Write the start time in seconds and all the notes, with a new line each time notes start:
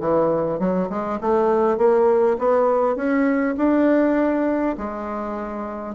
0.00 E3
0.59 F#3
0.89 G#3
1.21 A3
1.77 A#3
2.38 B3
2.96 C#4
3.57 D4
4.77 G#3